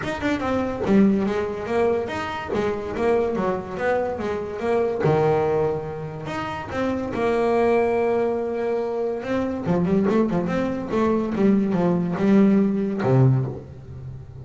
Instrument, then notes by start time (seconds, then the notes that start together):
double bass
0.03 D#4
0.21 D4
0.39 C4
0.85 G3
1.26 G#3
1.66 A#3
2.08 D#4
2.53 G#3
2.96 A#3
3.35 F#3
3.77 B3
4.18 G#3
4.59 A#3
5.04 D#3
6.26 D#4
6.70 C4
7.13 A#3
9.23 C4
9.66 F3
9.85 G3
10.09 A3
10.30 F3
10.46 C4
10.91 A3
11.35 G3
11.72 F3
12.17 G3
13.03 C3